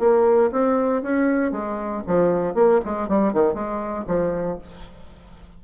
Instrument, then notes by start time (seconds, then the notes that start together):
bassoon
0.00 A#3
0.52 C4
1.03 C#4
1.52 G#3
2.07 F3
2.55 A#3
2.85 G#3
3.09 G3
3.33 D#3
3.54 G#3
4.08 F3